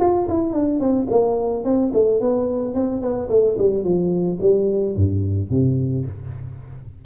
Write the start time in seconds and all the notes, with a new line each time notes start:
0.00 F4
0.28 E4
0.53 D4
0.80 C4
1.10 A#3
1.64 C4
1.94 A3
2.20 B3
2.74 C4
3.02 B3
3.30 A3
3.59 G3
3.84 F3
4.41 G3
4.96 G2
5.50 C3